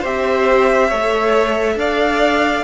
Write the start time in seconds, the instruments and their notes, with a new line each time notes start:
0.00 cello C4, viola G4, violin C5 E5
0.87 cello A3, viola A4, violin C#5
1.76 cello D4, violin D5 F5